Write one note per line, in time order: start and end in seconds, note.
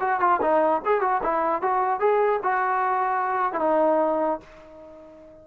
0.00 0.20 F#4
0.20 0.40 F4
0.41 0.82 D#4
0.85 1.01 G#4
1.01 1.21 F#4
1.23 1.62 E4
1.62 2.00 F#4
2.00 2.40 G#4
2.43 3.53 F#4
3.53 3.60 E4
3.60 4.40 D#4